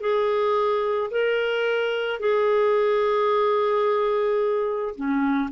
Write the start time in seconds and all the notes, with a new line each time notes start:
0.00 G#4
1.11 A#4
2.19 G#4
4.95 C#4